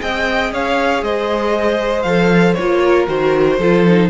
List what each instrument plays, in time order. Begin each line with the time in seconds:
0.00 cello C4, viola G#4, violin D#5 G5
0.53 cello C#4, violin C#5 F5
1.02 cello G#3, violin C5 D#5
2.02 cello F3, viola A4, violin F5
2.54 cello A#3, viola F4, violin C#5
2.83 violin A#4
3.07 cello D#3, viola F#4, violin C5
3.59 cello F3, viola F4, violin A4
3.87 viola D#4